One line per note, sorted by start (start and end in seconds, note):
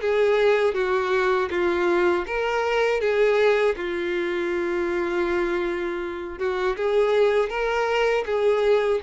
0.00 0.74 G#4
0.74 1.49 F#4
1.50 2.25 F4
2.26 3.00 A#4
3.00 3.75 G#4
3.76 6.39 F4
6.39 6.76 F#4
6.76 7.49 G#4
7.49 8.24 A#4
8.25 9.00 G#4